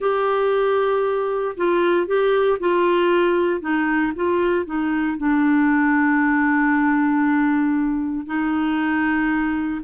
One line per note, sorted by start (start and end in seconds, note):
0.00 1.55 G4
1.56 2.06 F4
2.06 2.58 G4
2.59 3.60 F4
3.60 4.12 D#4
4.15 4.65 F4
4.65 5.17 D#4
5.17 8.26 D4
8.26 9.81 D#4